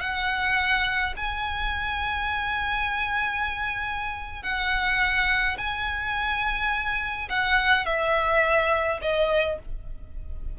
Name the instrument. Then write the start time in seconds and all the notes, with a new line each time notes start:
violin
0.00 F#5
1.16 G#5
4.43 F#5
5.57 G#5
7.29 F#5
7.86 E5
9.02 D#5